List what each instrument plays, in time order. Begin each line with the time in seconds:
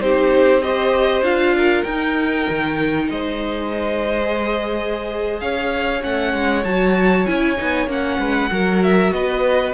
0.00 cello C4, viola D#4, violin G4 C5
0.62 viola G4, violin C5 D#5
1.21 cello D4, viola F4, violin F5
1.57 violin A#4
1.84 cello D#4, viola D#4, violin G5
2.50 cello D#3
3.10 cello G#3, violin C5 D#5
4.22 viola G#4
5.40 cello C#4, violin C#5 F5
6.01 cello A3, viola C#4, violin F#5
6.34 cello G#3
6.64 cello F#3, viola F#4, violin A5
7.26 cello C#4, viola E4, violin G#5
7.57 cello B3, viola D#4
7.87 cello A#3, viola C#4, violin F#5
8.19 cello G#3, violin B4
8.51 cello F#3, viola F#4, violin A#4
8.83 violin E5
9.12 cello B3, violin B4 D#5